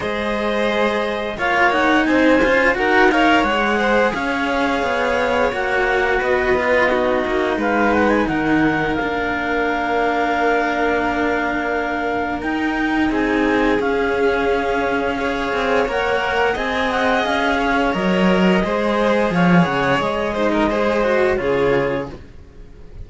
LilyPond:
<<
  \new Staff \with { instrumentName = "clarinet" } { \time 4/4 \tempo 4 = 87 dis''2 f''8 fis''8 gis''4 | fis''8 f''8 fis''4 f''2 | fis''4 dis''2 f''8 fis''16 gis''16 | fis''4 f''2.~ |
f''2 g''4 gis''4 | f''2. fis''4 | gis''8 fis''8 f''4 dis''2 | f''8 fis''8 dis''2 cis''4 | }
  \new Staff \with { instrumentName = "violin" } { \time 4/4 c''2 cis''4 c''4 | ais'8 cis''4 c''8 cis''2~ | cis''4 b'4 fis'4 b'4 | ais'1~ |
ais'2. gis'4~ | gis'2 cis''2 | dis''4. cis''4. c''4 | cis''4. c''16 ais'16 c''4 gis'4 | }
  \new Staff \with { instrumentName = "cello" } { \time 4/4 gis'2 f'8 dis'4 f'8 | fis'8 ais'8 gis'2. | fis'4. f'8 dis'2~ | dis'4 d'2.~ |
d'2 dis'2 | cis'2 gis'4 ais'4 | gis'2 ais'4 gis'4~ | gis'4. dis'8 gis'8 fis'8 f'4 | }
  \new Staff \with { instrumentName = "cello" } { \time 4/4 gis2 ais4 c'8 cis'8 | dis'4 gis4 cis'4 b4 | ais4 b4. ais8 gis4 | dis4 ais2.~ |
ais2 dis'4 c'4 | cis'2~ cis'8 c'8 ais4 | c'4 cis'4 fis4 gis4 | f8 cis8 gis2 cis4 | }
>>